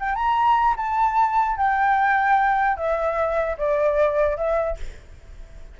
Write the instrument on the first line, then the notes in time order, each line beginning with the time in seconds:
flute
0.00 G5
0.15 A#5
0.77 A5
1.57 G5
2.77 E5
3.58 D5
4.37 E5